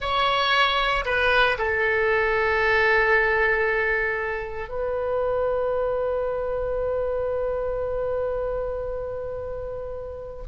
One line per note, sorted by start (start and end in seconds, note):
0.00 1.05 C#5
1.05 1.57 B4
1.58 4.68 A4
4.68 10.42 B4